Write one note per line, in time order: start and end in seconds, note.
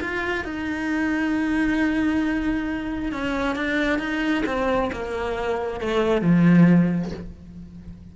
0.00 0.44 F4
0.44 3.11 D#4
3.11 3.55 C#4
3.55 3.99 D4
3.99 4.43 D#4
4.45 4.90 C4
4.92 5.80 A#3
5.80 6.21 A3
6.21 7.11 F3